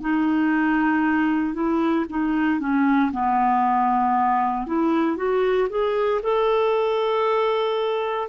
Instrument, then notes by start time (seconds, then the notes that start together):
clarinet
0.00 D#4
1.53 E4
2.09 D#4
2.60 C#4
3.12 B3
4.66 E4
5.16 F#4
5.69 G#4
6.22 A4